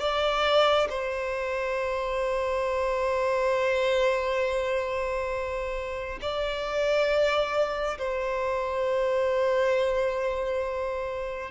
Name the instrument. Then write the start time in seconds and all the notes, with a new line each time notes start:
violin
0.00 D5
0.90 C5
6.22 D5
7.99 C5